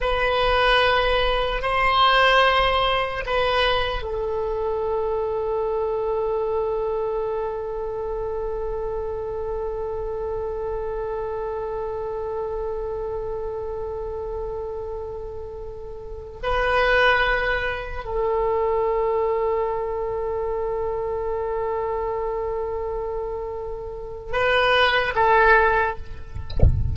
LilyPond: \new Staff \with { instrumentName = "oboe" } { \time 4/4 \tempo 4 = 74 b'2 c''2 | b'4 a'2.~ | a'1~ | a'1~ |
a'1~ | a'16 b'2 a'4.~ a'16~ | a'1~ | a'2 b'4 a'4 | }